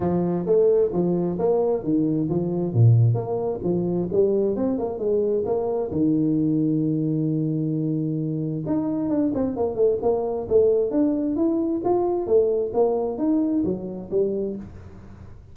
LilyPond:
\new Staff \with { instrumentName = "tuba" } { \time 4/4 \tempo 4 = 132 f4 a4 f4 ais4 | dis4 f4 ais,4 ais4 | f4 g4 c'8 ais8 gis4 | ais4 dis2.~ |
dis2. dis'4 | d'8 c'8 ais8 a8 ais4 a4 | d'4 e'4 f'4 a4 | ais4 dis'4 fis4 g4 | }